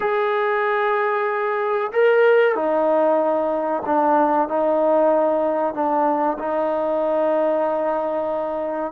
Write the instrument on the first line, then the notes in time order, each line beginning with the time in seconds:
trombone
0.00 G#4
1.92 A#4
2.55 D#4
3.86 D4
4.48 D#4
5.73 D4
6.38 D#4